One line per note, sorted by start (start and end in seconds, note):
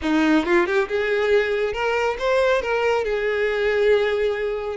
0.02 0.45 D#4
0.45 0.66 F4
0.66 0.88 G4
0.88 1.73 G#4
1.73 2.16 A#4
2.18 2.61 C5
2.61 3.04 A#4
3.04 4.76 G#4